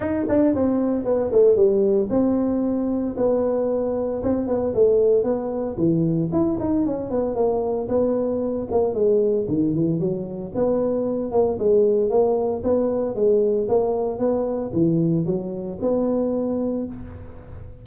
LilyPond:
\new Staff \with { instrumentName = "tuba" } { \time 4/4 \tempo 4 = 114 dis'8 d'8 c'4 b8 a8 g4 | c'2 b2 | c'8 b8 a4 b4 e4 | e'8 dis'8 cis'8 b8 ais4 b4~ |
b8 ais8 gis4 dis8 e8 fis4 | b4. ais8 gis4 ais4 | b4 gis4 ais4 b4 | e4 fis4 b2 | }